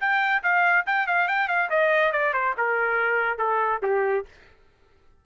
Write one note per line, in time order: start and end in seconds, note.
0.00 0.43 G5
0.43 0.85 F5
0.86 1.07 G5
1.07 1.28 F5
1.28 1.48 G5
1.48 1.69 F5
1.70 2.12 D#5
2.12 2.33 D5
2.33 2.55 C5
2.57 3.38 A#4
3.38 3.81 A4
3.83 4.25 G4